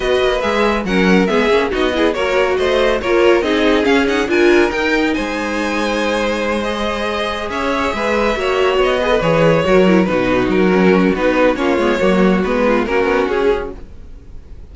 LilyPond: <<
  \new Staff \with { instrumentName = "violin" } { \time 4/4 \tempo 4 = 140 dis''4 e''4 fis''4 e''4 | dis''4 cis''4 dis''4 cis''4 | dis''4 f''8 fis''8 gis''4 g''4 | gis''2.~ gis''8 dis''8~ |
dis''4. e''2~ e''8~ | e''8 dis''4 cis''2 b'8~ | b'8 ais'4. b'4 cis''4~ | cis''4 b'4 ais'4 gis'4 | }
  \new Staff \with { instrumentName = "violin" } { \time 4/4 b'2 ais'4 gis'4 | fis'8 gis'8 ais'4 c''4 ais'4 | gis'2 ais'2 | c''1~ |
c''4. cis''4 b'4 cis''8~ | cis''4 b'4. ais'4 fis'8~ | fis'2. f'4 | fis'4. f'8 fis'2 | }
  \new Staff \with { instrumentName = "viola" } { \time 4/4 fis'4 gis'4 cis'4 b8 cis'8 | dis'8 e'8 fis'2 f'4 | dis'4 cis'8 dis'8 f'4 dis'4~ | dis'2.~ dis'8 gis'8~ |
gis'2.~ gis'8 fis'8~ | fis'4 gis'16 a'16 gis'4 fis'8 e'8 dis'8~ | dis'4 cis'4 dis'4 cis'8 b8 | ais4 b4 cis'2 | }
  \new Staff \with { instrumentName = "cello" } { \time 4/4 b8 ais8 gis4 fis4 gis8 ais8 | b4 ais4 a4 ais4 | c'4 cis'4 d'4 dis'4 | gis1~ |
gis4. cis'4 gis4 ais8~ | ais8 b4 e4 fis4 b,8~ | b,8 fis4. b4 ais8 gis8 | fis4 gis4 ais8 b8 cis'4 | }
>>